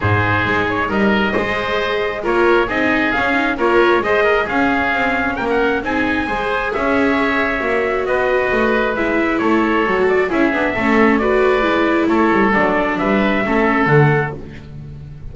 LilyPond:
<<
  \new Staff \with { instrumentName = "trumpet" } { \time 4/4 \tempo 4 = 134 c''4. cis''8 dis''2~ | dis''4 cis''4 dis''4 f''4 | cis''4 dis''4 f''2 | g''16 fis''8. gis''2 e''4~ |
e''2 dis''2 | e''4 cis''4. d''8 e''4~ | e''4 d''2 cis''4 | d''4 e''2 fis''4 | }
  \new Staff \with { instrumentName = "oboe" } { \time 4/4 gis'2 ais'4 c''4~ | c''4 ais'4 gis'2 | ais'4 c''8 ais'8 gis'2 | ais'4 gis'4 c''4 cis''4~ |
cis''2 b'2~ | b'4 a'2 gis'4 | a'4 b'2 a'4~ | a'4 b'4 a'2 | }
  \new Staff \with { instrumentName = "viola" } { \time 4/4 dis'2. gis'4~ | gis'4 f'4 dis'4 cis'8 dis'8 | f'4 gis'4 cis'2~ | cis'4 dis'4 gis'2~ |
gis'4 fis'2. | e'2 fis'4 e'8 d'8 | cis'4 fis'4 e'2 | d'2 cis'4 a4 | }
  \new Staff \with { instrumentName = "double bass" } { \time 4/4 gis,4 gis4 g4 gis4~ | gis4 ais4 c'4 cis'4 | ais4 gis4 cis'4 c'4 | ais4 c'4 gis4 cis'4~ |
cis'4 ais4 b4 a4 | gis4 a4 fis4 cis'8 b8 | a2 gis4 a8 g8 | fis4 g4 a4 d4 | }
>>